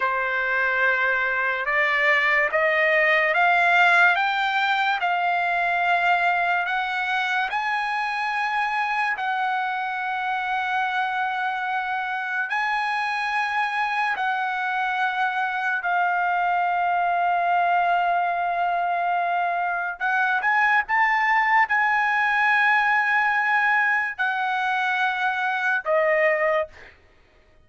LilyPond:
\new Staff \with { instrumentName = "trumpet" } { \time 4/4 \tempo 4 = 72 c''2 d''4 dis''4 | f''4 g''4 f''2 | fis''4 gis''2 fis''4~ | fis''2. gis''4~ |
gis''4 fis''2 f''4~ | f''1 | fis''8 gis''8 a''4 gis''2~ | gis''4 fis''2 dis''4 | }